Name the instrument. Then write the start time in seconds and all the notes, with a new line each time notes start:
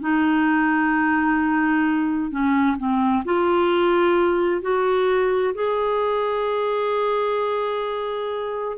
clarinet
0.00 D#4
2.30 C#4
2.77 C4
3.25 F4
4.62 F#4
5.54 G#4